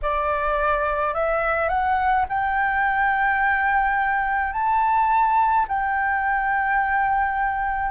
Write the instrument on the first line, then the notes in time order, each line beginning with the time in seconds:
flute
0.02 D5
1.13 E5
1.68 F#5
2.28 G5
4.53 A5
5.68 G5